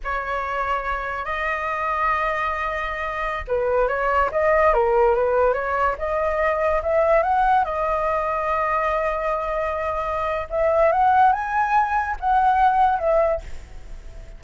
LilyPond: \new Staff \with { instrumentName = "flute" } { \time 4/4 \tempo 4 = 143 cis''2. dis''4~ | dis''1~ | dis''16 b'4 cis''4 dis''4 ais'8.~ | ais'16 b'4 cis''4 dis''4.~ dis''16~ |
dis''16 e''4 fis''4 dis''4.~ dis''16~ | dis''1~ | dis''4 e''4 fis''4 gis''4~ | gis''4 fis''2 e''4 | }